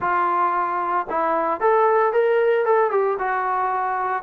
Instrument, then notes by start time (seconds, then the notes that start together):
trombone
0.00 F4
1.09 E4
1.60 A4
2.12 A#4
2.65 A4
2.91 G4
3.19 F#4